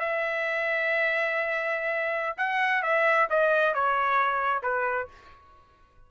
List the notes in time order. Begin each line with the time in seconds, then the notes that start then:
0.00 E5
2.38 F#5
2.83 E5
3.30 D#5
3.74 C#5
4.63 B4